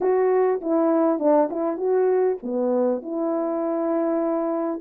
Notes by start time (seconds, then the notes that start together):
0.01 F#4
0.61 E4
1.19 D4
1.50 E4
1.77 F#4
2.42 B3
3.02 E4